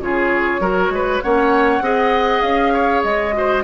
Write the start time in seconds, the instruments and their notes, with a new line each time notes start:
0.00 bassoon C#3, clarinet F4, oboe G#4, flute C#5
0.60 bassoon F#3, clarinet F#4, oboe A#4
0.90 bassoon G#3, oboe B4
1.22 bassoon A#3, clarinet C#4, oboe C#5, flute F#5
1.81 bassoon C4, clarinet G#4, oboe D#5
2.42 bassoon C#4, flute F5
2.74 oboe C#5
3.03 bassoon G#3, flute D#5
3.33 clarinet F#4, oboe C5